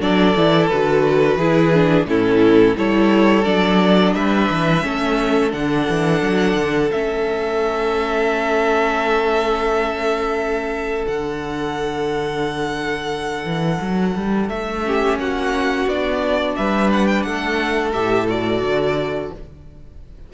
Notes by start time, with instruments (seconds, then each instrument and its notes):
0.00 cello F#3, viola D4, violin A4 D5
0.36 cello E3, viola E4
0.66 viola F#4, violin B4
0.72 cello D3
1.36 cello E3, viola E4, violin G#4
1.74 viola D4
2.06 cello A2, viola C#4, violin E4 A4
2.76 cello G3, viola E4, violin A4 C#5
3.44 cello F#3, viola D4, violin D5
4.14 cello G3, violin B4 E5
4.50 cello E3
4.82 cello A3, viola C#4, violin A4
5.50 cello D3, viola D4, violin F#5
5.89 cello E3
6.22 cello F#3
6.55 cello D3
6.91 cello A3, viola C#4, violin E5
11.06 cello D3, viola D4, violin F#5
13.45 cello E3
13.81 cello F#3
14.15 cello G3
14.49 cello A3, violin E5
14.85 viola C#4, violin G4
15.18 cello A#3, violin F#4 F#5
15.86 cello B3, viola D4, violin D5
16.56 cello G3, violin B4 E5
16.93 violin F#5
17.06 violin G5
17.22 cello A3, violin A4 F#5
17.93 cello A2, viola G4, violin E5
18.29 viola F#4, violin D5
18.62 cello D3